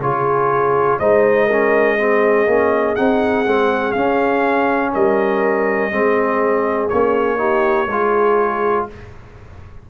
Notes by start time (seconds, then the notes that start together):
0.00 C#3 F4 G#4 C#5
0.99 G#3 D#4 C5 D#5
1.47 C#4 A#4
1.99 C4 G#4
2.47 A#3 C#4
2.96 C4 D#4 F#5
3.47 G#3 C4
3.92 C#4 F5
4.93 G3 A#4 D#5
5.92 G#3 C4 G#4
6.89 A#3 C#4 C#5
7.38 D#4 G4
7.87 G#3 F4 G#4